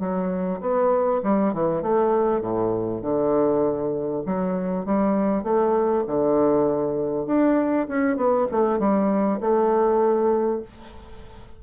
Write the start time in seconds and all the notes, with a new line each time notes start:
0.00 F#3
0.61 B3
1.23 G3
1.54 E3
1.83 A3
2.41 A2
3.02 D3
4.26 F#3
4.86 G3
5.44 A3
6.07 D3
7.27 D4
7.88 C#4
8.17 B3
8.52 A3
8.79 G3
9.41 A3